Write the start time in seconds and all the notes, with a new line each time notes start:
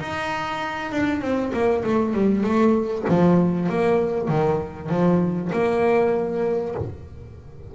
0.00 D#4
0.92 D4
1.21 C4
1.53 A#3
1.84 A3
2.14 G3
2.44 A3
3.09 F3
3.69 A#3
4.28 D#3
4.90 F3
5.53 A#3